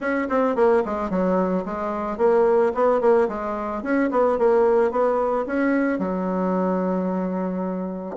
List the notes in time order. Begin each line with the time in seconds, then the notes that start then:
0.00 C#4
0.29 C4
0.55 A#3
0.85 G#3
1.10 F#3
1.65 G#3
2.17 A#3
2.74 B3
3.00 A#3
3.28 G#3
3.82 C#4
4.11 B3
4.38 A#3
4.91 B3
5.46 C#4
5.98 F#3